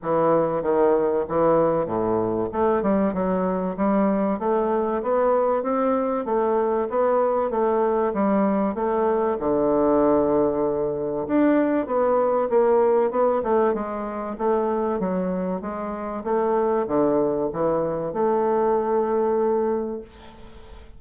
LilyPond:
\new Staff \with { instrumentName = "bassoon" } { \time 4/4 \tempo 4 = 96 e4 dis4 e4 a,4 | a8 g8 fis4 g4 a4 | b4 c'4 a4 b4 | a4 g4 a4 d4~ |
d2 d'4 b4 | ais4 b8 a8 gis4 a4 | fis4 gis4 a4 d4 | e4 a2. | }